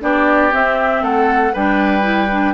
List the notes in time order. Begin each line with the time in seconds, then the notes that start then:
0.00 B3 D4 G4 D5
0.51 C4 E5
1.02 A3 A4 F#5
1.53 G3 D4 B4 G5
2.02 E4
2.31 D4